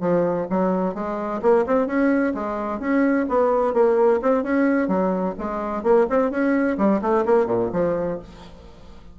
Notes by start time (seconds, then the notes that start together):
0.00 F3
0.49 F#3
0.94 G#3
1.42 A#3
1.66 C4
1.86 C#4
2.34 G#3
2.79 C#4
3.29 B3
3.73 A#3
4.22 C4
4.43 C#4
4.88 F#3
5.38 G#3
5.83 A#3
6.10 C4
6.30 C#4
6.77 G3
7.01 A3
7.25 A#3
7.46 A#2
7.73 F3